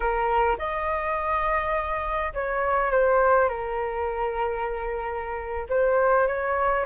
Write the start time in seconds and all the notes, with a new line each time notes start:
0.00 A#4
0.58 D#5
2.33 C#5
2.91 C5
3.48 A#4
5.69 C5
6.27 C#5